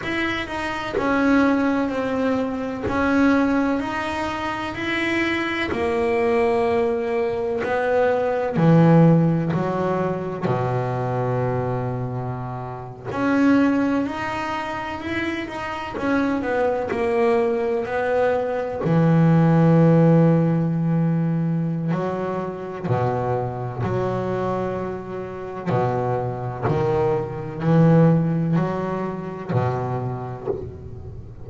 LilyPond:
\new Staff \with { instrumentName = "double bass" } { \time 4/4 \tempo 4 = 63 e'8 dis'8 cis'4 c'4 cis'4 | dis'4 e'4 ais2 | b4 e4 fis4 b,4~ | b,4.~ b,16 cis'4 dis'4 e'16~ |
e'16 dis'8 cis'8 b8 ais4 b4 e16~ | e2. fis4 | b,4 fis2 b,4 | dis4 e4 fis4 b,4 | }